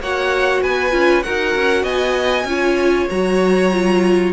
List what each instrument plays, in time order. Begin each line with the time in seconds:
0.00 cello A#3, viola F#4, violin C#5 F#5
0.62 cello B3, violin B4 G#5
0.91 cello C#4, viola F4
1.23 cello D#4, viola F#4, violin A#4 F#5
1.55 cello C#4
1.83 cello B3, violin D#5 G#5
2.44 cello C#4, viola F4, violin C#5
3.10 cello F#3, viola F#4, violin A#5
3.72 viola F4